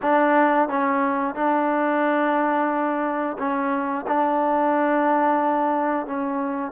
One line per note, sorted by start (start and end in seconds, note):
0.02 0.69 D4
0.69 1.35 C#4
1.35 3.37 D4
3.38 4.05 C#4
4.07 6.06 D4
6.06 6.72 C#4